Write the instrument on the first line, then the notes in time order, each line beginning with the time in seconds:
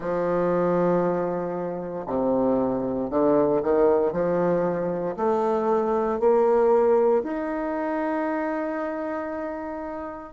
bassoon
0.00 F3
2.06 C3
3.09 D3
3.63 D#3
4.12 F3
5.16 A3
6.19 A#3
7.23 D#4